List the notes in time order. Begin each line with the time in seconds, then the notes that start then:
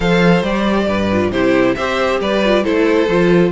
0.00 F3 A4 C5 F5
0.42 G3 G4 D5
0.87 G2 B4
1.12 F4
1.31 C3 E4 G4 C5
1.75 C4 G4 C5 E5
2.20 G3 B4 D5
2.45 F4
2.63 A3 E4 A4 C5
3.07 F3 F4